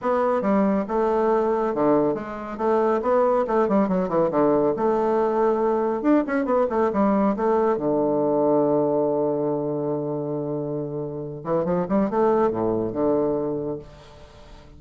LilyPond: \new Staff \with { instrumentName = "bassoon" } { \time 4/4 \tempo 4 = 139 b4 g4 a2 | d4 gis4 a4 b4 | a8 g8 fis8 e8 d4 a4~ | a2 d'8 cis'8 b8 a8 |
g4 a4 d2~ | d1~ | d2~ d8 e8 f8 g8 | a4 a,4 d2 | }